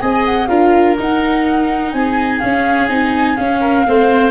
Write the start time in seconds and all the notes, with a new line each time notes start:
0.00 C4 G#4 D#5 G#5
0.25 F#5
0.47 D4 F4 A#4 F5
0.99 D#4 F#5
1.92 C4 G#4 G#5
2.39 C#4 F5
2.88 C4 D#4 G#5
3.36 C#4 F5
3.60 A#4
3.87 A3 C4 C5